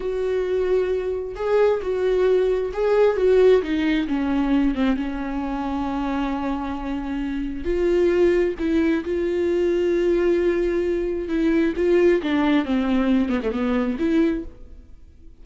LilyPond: \new Staff \with { instrumentName = "viola" } { \time 4/4 \tempo 4 = 133 fis'2. gis'4 | fis'2 gis'4 fis'4 | dis'4 cis'4. c'8 cis'4~ | cis'1~ |
cis'4 f'2 e'4 | f'1~ | f'4 e'4 f'4 d'4 | c'4. b16 a16 b4 e'4 | }